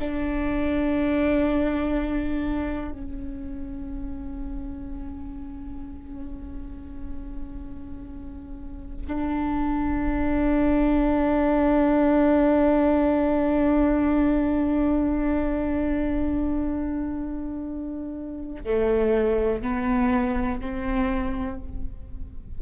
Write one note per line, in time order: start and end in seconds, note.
0.00 2.92 D4
2.92 9.07 C#4
9.08 18.64 D4
18.64 19.62 A3
19.62 20.61 B3
20.61 21.59 C4